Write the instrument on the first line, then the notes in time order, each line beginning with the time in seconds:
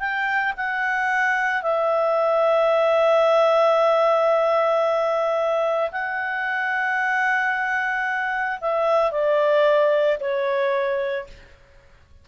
clarinet
0.00 G5
0.57 F#5
1.63 E5
5.92 F#5
8.61 E5
9.11 D5
10.20 C#5